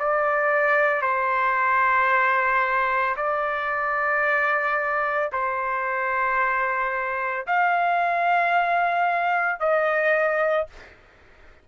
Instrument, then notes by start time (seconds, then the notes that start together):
trumpet
0.00 D5
1.02 C5
3.17 D5
5.33 C5
7.47 F5
9.60 D#5